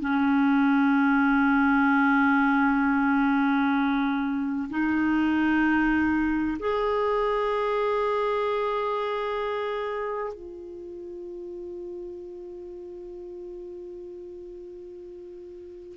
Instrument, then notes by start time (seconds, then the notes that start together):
clarinet
0.00 C#4
4.70 D#4
6.59 G#4
10.33 F4